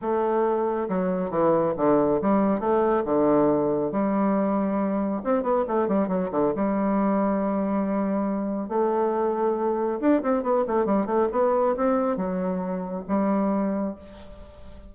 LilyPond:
\new Staff \with { instrumentName = "bassoon" } { \time 4/4 \tempo 4 = 138 a2 fis4 e4 | d4 g4 a4 d4~ | d4 g2. | c'8 b8 a8 g8 fis8 d8 g4~ |
g1 | a2. d'8 c'8 | b8 a8 g8 a8 b4 c'4 | fis2 g2 | }